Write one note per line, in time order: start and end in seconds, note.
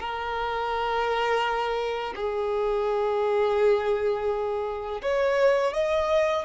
0.00 2.14 A#4
2.16 5.02 G#4
5.03 5.74 C#5
5.74 6.45 D#5